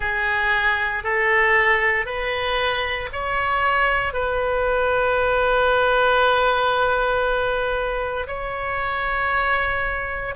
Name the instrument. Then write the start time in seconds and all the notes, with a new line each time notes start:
oboe
0.00 G#4
1.03 A4
2.05 B4
3.12 C#5
4.13 B4
8.27 C#5